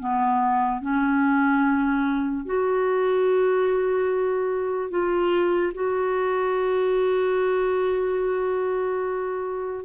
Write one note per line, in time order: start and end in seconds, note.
0.00 0.81 B3
0.81 2.46 C#4
2.46 4.91 F#4
4.91 5.73 F4
5.75 9.86 F#4